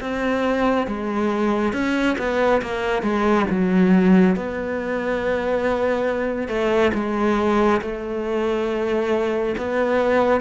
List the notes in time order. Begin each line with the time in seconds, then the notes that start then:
0.00 C4
0.87 G#3
1.73 C#4
2.18 B3
2.62 A#3
3.02 G#3
3.50 F#3
4.36 B3
6.48 A3
6.94 G#3
7.81 A3
9.57 B3